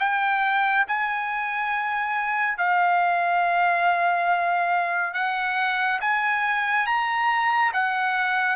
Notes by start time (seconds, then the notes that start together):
0.00 G5
0.88 G#5
2.58 F5
5.14 F#5
6.01 G#5
6.86 A#5
7.73 F#5